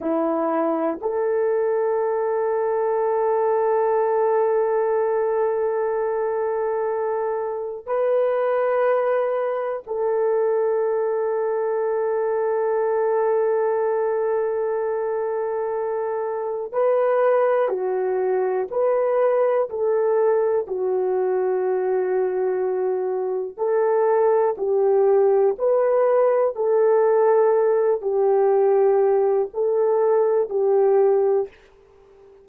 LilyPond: \new Staff \with { instrumentName = "horn" } { \time 4/4 \tempo 4 = 61 e'4 a'2.~ | a'1 | b'2 a'2~ | a'1~ |
a'4 b'4 fis'4 b'4 | a'4 fis'2. | a'4 g'4 b'4 a'4~ | a'8 g'4. a'4 g'4 | }